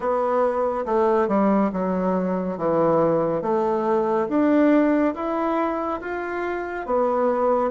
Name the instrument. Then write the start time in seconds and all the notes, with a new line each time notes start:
bassoon
0.00 B3
0.85 A3
1.28 G3
1.72 F#3
2.57 E3
3.42 A3
4.29 D4
5.14 E4
6.00 F4
6.86 B3